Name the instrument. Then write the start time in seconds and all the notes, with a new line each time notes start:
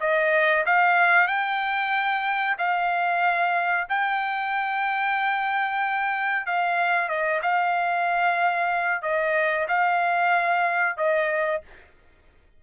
trumpet
0.00 D#5
0.65 F5
1.27 G5
2.58 F5
3.89 G5
6.46 F5
7.08 D#5
7.42 F5
9.02 D#5
9.68 F5
10.97 D#5